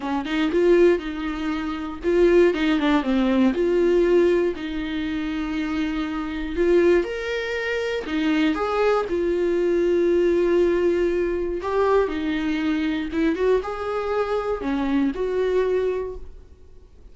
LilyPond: \new Staff \with { instrumentName = "viola" } { \time 4/4 \tempo 4 = 119 cis'8 dis'8 f'4 dis'2 | f'4 dis'8 d'8 c'4 f'4~ | f'4 dis'2.~ | dis'4 f'4 ais'2 |
dis'4 gis'4 f'2~ | f'2. g'4 | dis'2 e'8 fis'8 gis'4~ | gis'4 cis'4 fis'2 | }